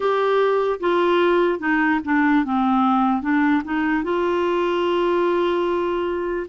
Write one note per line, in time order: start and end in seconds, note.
0.00 0.79 G4
0.80 1.59 F4
1.59 1.99 D#4
2.04 2.44 D4
2.45 3.22 C4
3.22 3.62 D4
3.64 4.03 D#4
4.03 6.46 F4